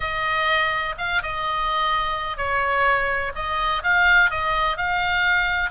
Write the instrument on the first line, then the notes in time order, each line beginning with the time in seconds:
oboe
0.00 D#5
0.98 F5
1.22 D#5
2.37 C#5
3.35 D#5
3.83 F5
4.30 D#5
4.77 F5